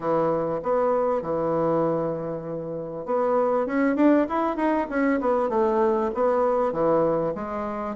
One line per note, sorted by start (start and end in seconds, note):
0.00 0.60 E3
0.62 1.22 B3
1.22 3.05 E3
3.05 3.66 B3
3.66 3.96 C#4
3.96 4.26 D4
4.29 4.56 E4
4.56 4.87 D#4
4.89 5.20 C#4
5.20 5.49 B3
5.49 6.10 A3
6.14 6.72 B3
6.72 7.33 E3
7.34 7.95 G#3